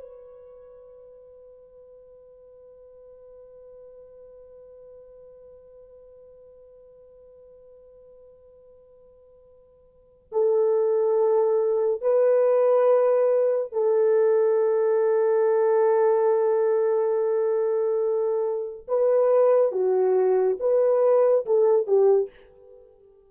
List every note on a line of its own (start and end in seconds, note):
0.00 10.29 B4
10.32 12.02 A4
12.02 13.73 B4
13.73 18.87 A4
18.88 19.72 B4
19.72 20.58 F#4
20.60 21.46 B4
21.46 21.87 A4
21.87 22.30 G4